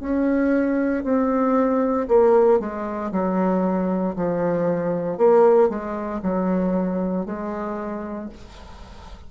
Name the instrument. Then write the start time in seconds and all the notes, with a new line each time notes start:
bassoon
0.00 C#4
1.03 C4
2.08 A#3
2.60 G#3
3.11 F#3
4.15 F3
5.18 A#3
5.69 G#3
6.22 F#3
7.26 G#3